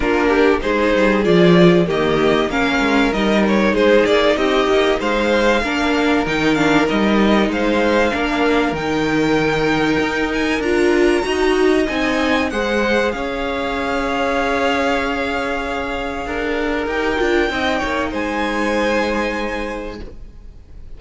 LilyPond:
<<
  \new Staff \with { instrumentName = "violin" } { \time 4/4 \tempo 4 = 96 ais'4 c''4 d''4 dis''4 | f''4 dis''8 cis''8 c''8 d''8 dis''4 | f''2 g''8 f''8 dis''4 | f''2 g''2~ |
g''8 gis''8 ais''2 gis''4 | fis''4 f''2.~ | f''2. g''4~ | g''4 gis''2. | }
  \new Staff \with { instrumentName = "violin" } { \time 4/4 f'8 g'8 gis'2 g'4 | ais'2 gis'4 g'4 | c''4 ais'2. | c''4 ais'2.~ |
ais'2 dis''2 | c''4 cis''2.~ | cis''2 ais'2 | dis''8 cis''8 c''2. | }
  \new Staff \with { instrumentName = "viola" } { \time 4/4 d'4 dis'4 f'4 ais4 | cis'4 dis'2.~ | dis'4 d'4 dis'8 d'8 dis'4~ | dis'4 d'4 dis'2~ |
dis'4 f'4 fis'4 dis'4 | gis'1~ | gis'2. g'8 f'8 | dis'1 | }
  \new Staff \with { instrumentName = "cello" } { \time 4/4 ais4 gis8 g8 f4 dis4 | ais8 gis8 g4 gis8 ais8 c'8 ais8 | gis4 ais4 dis4 g4 | gis4 ais4 dis2 |
dis'4 d'4 dis'4 c'4 | gis4 cis'2.~ | cis'2 d'4 dis'8 d'8 | c'8 ais8 gis2. | }
>>